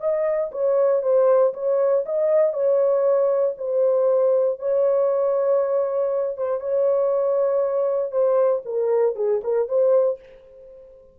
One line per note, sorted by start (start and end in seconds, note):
0.00 0.51 D#5
0.52 1.02 C#5
1.03 1.53 C5
1.54 2.05 C#5
2.06 2.53 D#5
2.53 3.55 C#5
3.58 4.59 C5
4.59 6.37 C#5
6.37 6.61 C5
6.61 8.12 C#5
8.12 8.63 C5
8.65 9.16 A#4
9.16 9.41 G#4
9.44 9.69 A#4
9.69 10.19 C5